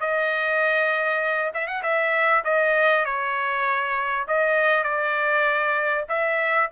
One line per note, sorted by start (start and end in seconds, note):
0.00 1.52 D#5
1.53 1.67 E5
1.67 1.82 F#5
1.83 2.43 E5
2.44 3.05 D#5
3.05 4.26 C#5
4.27 4.83 D#5
4.83 6.04 D5
6.09 6.69 E5